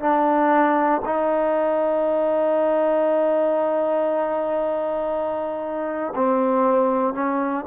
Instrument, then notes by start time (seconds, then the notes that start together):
trombone
0.00 D4
1.05 D#4
6.16 C4
7.14 C#4